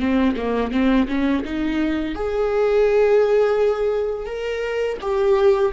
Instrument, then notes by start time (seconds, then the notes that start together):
viola
0.00 C4
0.37 A#3
0.72 C4
1.08 C#4
1.44 D#4
2.15 G#4
4.26 A#4
5.01 G4